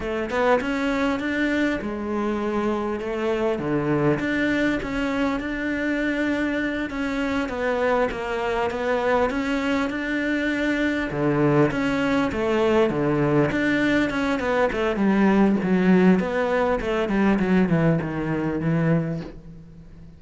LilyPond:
\new Staff \with { instrumentName = "cello" } { \time 4/4 \tempo 4 = 100 a8 b8 cis'4 d'4 gis4~ | gis4 a4 d4 d'4 | cis'4 d'2~ d'8 cis'8~ | cis'8 b4 ais4 b4 cis'8~ |
cis'8 d'2 d4 cis'8~ | cis'8 a4 d4 d'4 cis'8 | b8 a8 g4 fis4 b4 | a8 g8 fis8 e8 dis4 e4 | }